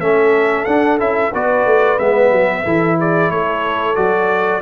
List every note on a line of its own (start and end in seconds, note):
0.00 0.66 A3
0.00 0.67 C#4
0.00 1.31 A4
0.00 0.65 E5
0.65 0.99 D4
0.65 0.98 F#5
0.99 1.32 C#4
0.99 1.32 E4
0.99 1.33 E5
1.31 1.65 B3
1.31 1.99 F#4
1.31 2.63 B4
1.31 1.99 D5
1.65 1.98 A3
1.99 2.31 G#3
1.99 2.65 B3
1.99 2.98 E5
2.31 2.64 F#3
2.64 3.30 E3
2.64 3.96 E4
2.64 2.97 A4
2.99 3.30 G#4
2.99 3.31 D5
3.30 3.96 A3
3.30 4.61 A4
3.30 3.95 C#5
3.95 4.61 F#3
3.95 4.61 F#4
3.95 4.61 D5